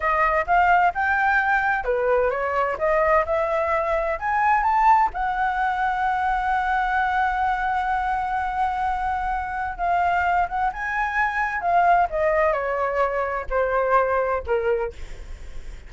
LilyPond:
\new Staff \with { instrumentName = "flute" } { \time 4/4 \tempo 4 = 129 dis''4 f''4 g''2 | b'4 cis''4 dis''4 e''4~ | e''4 gis''4 a''4 fis''4~ | fis''1~ |
fis''1~ | fis''4 f''4. fis''8 gis''4~ | gis''4 f''4 dis''4 cis''4~ | cis''4 c''2 ais'4 | }